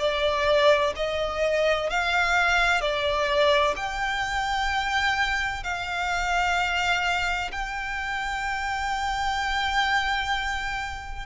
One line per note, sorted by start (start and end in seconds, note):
0.00 0.94 D5
0.96 1.90 D#5
1.90 2.82 F5
2.82 3.75 D5
3.77 5.64 G5
5.64 7.52 F5
7.52 11.27 G5